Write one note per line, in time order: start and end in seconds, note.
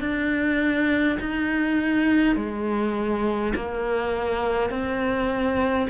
0.00 1.18 D4
1.19 2.36 D#4
2.36 3.53 G#3
3.55 4.70 A#3
4.70 5.87 C4